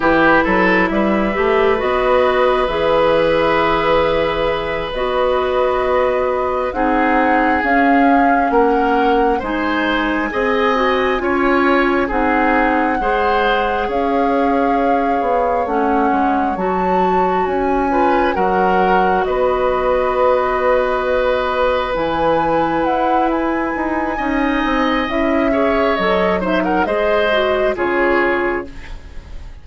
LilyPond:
<<
  \new Staff \with { instrumentName = "flute" } { \time 4/4 \tempo 4 = 67 b'4 e''4 dis''4 e''4~ | e''4. dis''2 fis''8~ | fis''8 f''4 fis''4 gis''4.~ | gis''4. fis''2 f''8~ |
f''4. fis''4 a''4 gis''8~ | gis''8 fis''4 dis''2~ dis''8~ | dis''8 gis''4 fis''8 gis''2 | e''4 dis''8 e''16 fis''16 dis''4 cis''4 | }
  \new Staff \with { instrumentName = "oboe" } { \time 4/4 g'8 a'8 b'2.~ | b'2.~ b'8 gis'8~ | gis'4. ais'4 c''4 dis''8~ | dis''8 cis''4 gis'4 c''4 cis''8~ |
cis''1 | b'8 ais'4 b'2~ b'8~ | b'2. dis''4~ | dis''8 cis''4 c''16 ais'16 c''4 gis'4 | }
  \new Staff \with { instrumentName = "clarinet" } { \time 4/4 e'4. g'8 fis'4 gis'4~ | gis'4. fis'2 dis'8~ | dis'8 cis'2 dis'4 gis'8 | fis'8 f'4 dis'4 gis'4.~ |
gis'4. cis'4 fis'4. | f'8 fis'2.~ fis'8~ | fis'8 e'2~ e'8 dis'4 | e'8 gis'8 a'8 dis'8 gis'8 fis'8 f'4 | }
  \new Staff \with { instrumentName = "bassoon" } { \time 4/4 e8 fis8 g8 a8 b4 e4~ | e4. b2 c'8~ | c'8 cis'4 ais4 gis4 c'8~ | c'8 cis'4 c'4 gis4 cis'8~ |
cis'4 b8 a8 gis8 fis4 cis'8~ | cis'8 fis4 b2~ b8~ | b8 e4 e'4 dis'8 cis'8 c'8 | cis'4 fis4 gis4 cis4 | }
>>